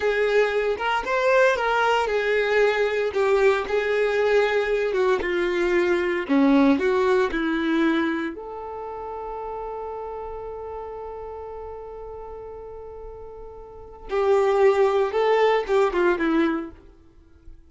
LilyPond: \new Staff \with { instrumentName = "violin" } { \time 4/4 \tempo 4 = 115 gis'4. ais'8 c''4 ais'4 | gis'2 g'4 gis'4~ | gis'4. fis'8 f'2 | cis'4 fis'4 e'2 |
a'1~ | a'1~ | a'2. g'4~ | g'4 a'4 g'8 f'8 e'4 | }